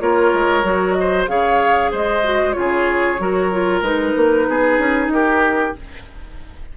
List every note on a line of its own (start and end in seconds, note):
0.00 0.32 A#3
0.00 0.63 F4
0.00 0.97 A#4
0.00 0.92 C#5
0.33 0.64 G#3
0.63 1.27 F#3
0.63 1.27 F#4
0.92 1.24 D#5
1.00 1.30 C5
1.27 1.91 C#3
1.27 2.23 G#4
1.27 1.91 C#5
1.27 1.91 F5
1.91 2.56 G#3
1.91 2.55 C5
1.91 2.52 D#5
2.24 2.53 F#4
2.52 3.19 C#3
2.52 3.17 F4
2.52 3.21 G#4
2.52 3.80 C#5
3.19 3.81 F#3
3.19 3.51 F#4
3.19 4.49 A#4
3.51 3.83 F4
3.81 4.13 G#3
3.81 5.75 D#4
3.81 5.10 B4
4.16 4.47 A#3
4.47 4.78 B3
4.47 5.13 G#4
4.78 5.07 C#4
5.07 5.71 D#4
5.07 5.77 G4
5.07 5.76 A#4